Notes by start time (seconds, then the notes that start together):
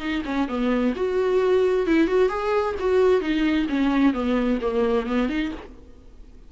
0.00 D#4
0.25 C#4
0.48 B3
0.96 F#4
1.87 E4
2.08 F#4
2.29 G#4
2.80 F#4
3.21 D#4
3.69 C#4
4.14 B3
4.62 A#3
5.07 B3
5.29 D#4